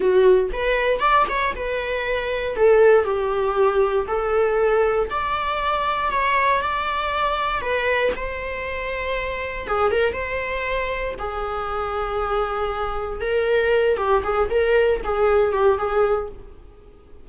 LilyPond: \new Staff \with { instrumentName = "viola" } { \time 4/4 \tempo 4 = 118 fis'4 b'4 d''8 cis''8 b'4~ | b'4 a'4 g'2 | a'2 d''2 | cis''4 d''2 b'4 |
c''2. gis'8 ais'8 | c''2 gis'2~ | gis'2 ais'4. g'8 | gis'8 ais'4 gis'4 g'8 gis'4 | }